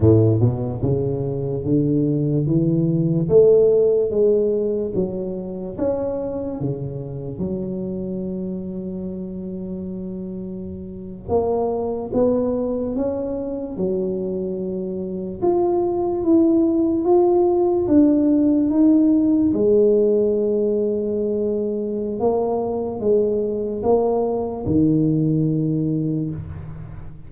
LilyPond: \new Staff \with { instrumentName = "tuba" } { \time 4/4 \tempo 4 = 73 a,8 b,8 cis4 d4 e4 | a4 gis4 fis4 cis'4 | cis4 fis2.~ | fis4.~ fis16 ais4 b4 cis'16~ |
cis'8. fis2 f'4 e'16~ | e'8. f'4 d'4 dis'4 gis16~ | gis2. ais4 | gis4 ais4 dis2 | }